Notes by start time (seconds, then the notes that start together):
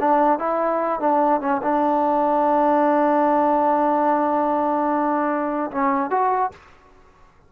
0.00 D4
0.39 E4
1.01 D4
1.41 C#4
1.63 D4
5.72 C#4
6.11 F#4